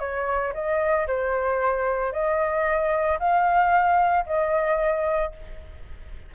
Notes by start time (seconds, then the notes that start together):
0.00 C#5
0.54 D#5
1.07 C5
2.13 D#5
3.19 F5
4.26 D#5